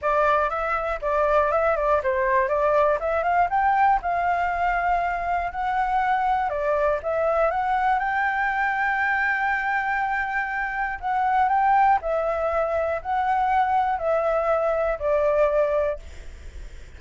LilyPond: \new Staff \with { instrumentName = "flute" } { \time 4/4 \tempo 4 = 120 d''4 e''4 d''4 e''8 d''8 | c''4 d''4 e''8 f''8 g''4 | f''2. fis''4~ | fis''4 d''4 e''4 fis''4 |
g''1~ | g''2 fis''4 g''4 | e''2 fis''2 | e''2 d''2 | }